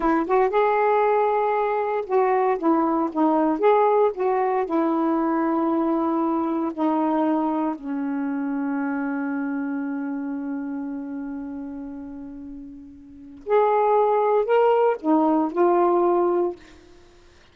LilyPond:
\new Staff \with { instrumentName = "saxophone" } { \time 4/4 \tempo 4 = 116 e'8 fis'8 gis'2. | fis'4 e'4 dis'4 gis'4 | fis'4 e'2.~ | e'4 dis'2 cis'4~ |
cis'1~ | cis'1~ | cis'2 gis'2 | ais'4 dis'4 f'2 | }